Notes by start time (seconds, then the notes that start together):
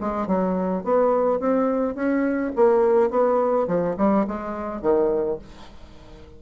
0.00 G#3
0.27 F#3
0.84 B3
1.39 C4
1.95 C#4
2.56 A#3
3.10 B3
3.67 F3
3.97 G3
4.27 G#3
4.81 D#3